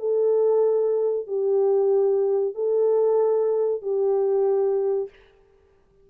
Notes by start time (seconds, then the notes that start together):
0.00 A4
1.27 G4
2.55 A4
3.82 G4